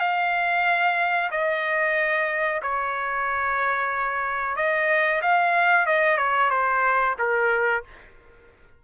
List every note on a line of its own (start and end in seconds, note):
0.00 1.30 F5
1.31 2.62 D#5
2.63 4.57 C#5
4.57 5.22 D#5
5.22 5.86 F5
5.86 6.18 D#5
6.18 6.50 C#5
6.50 7.16 C5
7.19 7.84 A#4